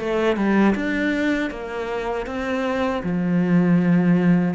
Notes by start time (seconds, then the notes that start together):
0.00 A3
0.36 G3
0.75 D4
1.51 A#3
2.26 C4
3.03 F3